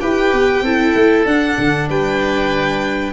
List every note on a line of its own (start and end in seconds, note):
0.00 0.32 E4
0.00 0.63 G4
0.00 0.63 B4
0.00 1.25 G5
0.32 0.61 B3
0.61 0.92 C4
0.61 1.27 E4
0.61 1.88 A4
0.95 1.25 A3
1.25 1.56 D4
1.25 3.13 D4
1.25 1.89 F#5
1.58 1.89 D3
1.89 3.13 G3
1.89 3.13 B4
1.89 3.13 G5